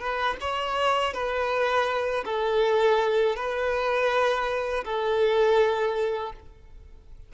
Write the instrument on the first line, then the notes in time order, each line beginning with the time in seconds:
violin
0.00 B4
0.41 C#5
1.13 B4
2.25 A4
3.36 B4
4.85 A4